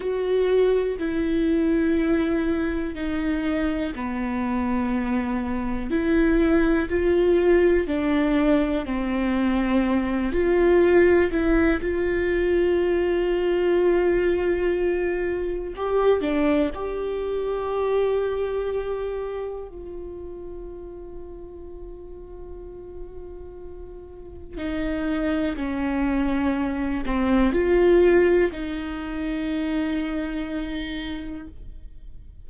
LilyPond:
\new Staff \with { instrumentName = "viola" } { \time 4/4 \tempo 4 = 61 fis'4 e'2 dis'4 | b2 e'4 f'4 | d'4 c'4. f'4 e'8 | f'1 |
g'8 d'8 g'2. | f'1~ | f'4 dis'4 cis'4. c'8 | f'4 dis'2. | }